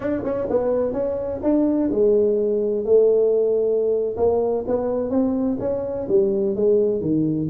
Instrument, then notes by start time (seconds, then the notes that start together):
tuba
0.00 D4
0.23 C#4
0.49 B3
0.93 C#4
1.42 D4
1.90 G#3
2.85 A3
4.16 A#3
4.67 B3
5.10 C4
5.59 C#4
6.08 G3
6.55 G#3
7.01 D#3